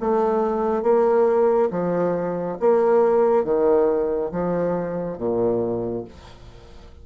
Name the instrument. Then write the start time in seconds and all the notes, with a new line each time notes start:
bassoon
0.00 A3
0.82 A#3
1.71 F3
2.60 A#3
3.44 D#3
4.32 F3
5.18 A#2